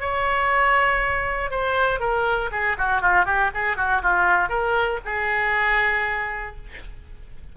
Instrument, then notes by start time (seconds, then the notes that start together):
oboe
0.00 C#5
1.50 C5
2.00 A#4
2.51 G#4
2.78 F#4
3.01 F4
3.25 G4
3.54 G#4
3.77 F#4
4.02 F4
4.49 A#4
5.05 G#4